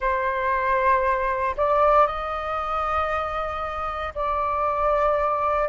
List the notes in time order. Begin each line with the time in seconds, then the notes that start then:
0.00 C5
1.56 D5
2.06 D#5
4.14 D5